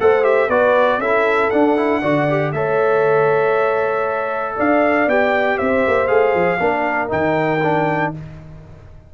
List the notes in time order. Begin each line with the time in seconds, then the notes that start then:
0.00 A3 A4 C5 F#5
0.23 G4 E5
0.49 B3 F#4 B4 D5
0.99 C#4 E4 A4 E5
1.50 D4 F#5
1.77 E4
2.01 D3 F#4 D5
2.29 G4
2.53 A3 A4 C#5 E5
4.56 D4 D5 F5
5.07 B3 G4 G5
5.58 C4 C5 E5
5.87 A#3
6.07 A3 G#4 F5
6.34 F3
6.60 A#3 D4 A#4
7.09 D#3 D#4 G5
7.63 D4